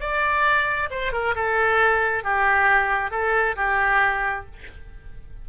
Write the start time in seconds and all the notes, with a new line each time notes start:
0.00 D5
0.91 C5
1.12 A#4
1.35 A4
2.23 G4
3.11 A4
3.56 G4